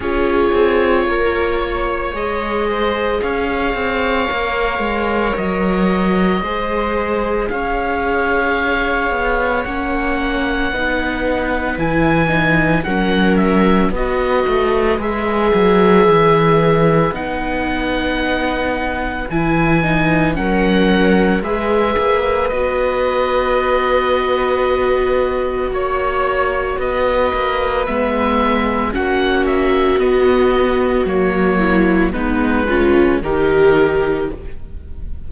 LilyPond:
<<
  \new Staff \with { instrumentName = "oboe" } { \time 4/4 \tempo 4 = 56 cis''2 dis''4 f''4~ | f''4 dis''2 f''4~ | f''4 fis''2 gis''4 | fis''8 e''8 dis''4 e''2 |
fis''2 gis''4 fis''4 | e''4 dis''2. | cis''4 dis''4 e''4 fis''8 e''8 | dis''4 cis''4 b'4 ais'4 | }
  \new Staff \with { instrumentName = "viola" } { \time 4/4 gis'4 ais'8 cis''4 c''8 cis''4~ | cis''2 c''4 cis''4~ | cis''2 b'2 | ais'4 b'2.~ |
b'2. ais'4 | b'1 | cis''4 b'2 fis'4~ | fis'4. e'8 dis'8 f'8 g'4 | }
  \new Staff \with { instrumentName = "viola" } { \time 4/4 f'2 gis'2 | ais'2 gis'2~ | gis'4 cis'4 dis'4 e'8 dis'8 | cis'4 fis'4 gis'2 |
dis'2 e'8 dis'8 cis'4 | gis'4 fis'2.~ | fis'2 b4 cis'4 | b4 ais4 b8 cis'8 dis'4 | }
  \new Staff \with { instrumentName = "cello" } { \time 4/4 cis'8 c'8 ais4 gis4 cis'8 c'8 | ais8 gis8 fis4 gis4 cis'4~ | cis'8 b8 ais4 b4 e4 | fis4 b8 a8 gis8 fis8 e4 |
b2 e4 fis4 | gis8 ais8 b2. | ais4 b8 ais8 gis4 ais4 | b4 fis4 gis4 dis4 | }
>>